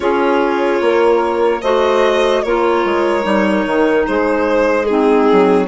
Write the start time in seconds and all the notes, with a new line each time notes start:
0.00 C#4 F4 G#4 C#5
0.81 A#3 A#4
1.61 A3 F#4 C5 D#5
2.42 A#3 F4 A#4 C#5
2.84 G#3
3.22 G3 D#4
3.66 D#3
4.06 G#3 G#4 C5
4.85 C4 D#4 G#4
5.31 F#3